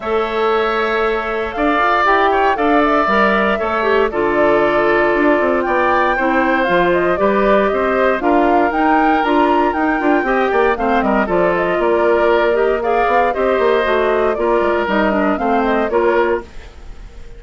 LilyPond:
<<
  \new Staff \with { instrumentName = "flute" } { \time 4/4 \tempo 4 = 117 e''2. f''4 | g''4 f''8 e''2~ e''8 | d''2. g''4~ | g''4 f''8 dis''8 d''4 dis''4 |
f''4 g''4 ais''4 g''4~ | g''4 f''8 dis''8 d''8 dis''8 d''4~ | d''8 dis''8 f''4 dis''2 | d''4 dis''4 f''8 dis''8 cis''4 | }
  \new Staff \with { instrumentName = "oboe" } { \time 4/4 cis''2. d''4~ | d''8 cis''8 d''2 cis''4 | a'2. d''4 | c''2 b'4 c''4 |
ais'1 | dis''8 d''8 c''8 ais'8 a'4 ais'4~ | ais'4 d''4 c''2 | ais'2 c''4 ais'4 | }
  \new Staff \with { instrumentName = "clarinet" } { \time 4/4 a'1 | g'4 a'4 ais'4 a'8 g'8 | f'1 | e'4 f'4 g'2 |
f'4 dis'4 f'4 dis'8 f'8 | g'4 c'4 f'2~ | f'8 g'8 gis'4 g'4 fis'4 | f'4 dis'8 d'8 c'4 f'4 | }
  \new Staff \with { instrumentName = "bassoon" } { \time 4/4 a2. d'8 f'8 | e'4 d'4 g4 a4 | d2 d'8 c'8 b4 | c'4 f4 g4 c'4 |
d'4 dis'4 d'4 dis'8 d'8 | c'8 ais8 a8 g8 f4 ais4~ | ais4. b8 c'8 ais8 a4 | ais8 gis8 g4 a4 ais4 | }
>>